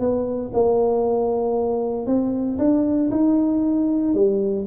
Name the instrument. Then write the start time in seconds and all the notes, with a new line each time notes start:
tuba
0.00 B3
0.54 A#3
2.07 C4
2.59 D4
3.11 D#4
4.14 G3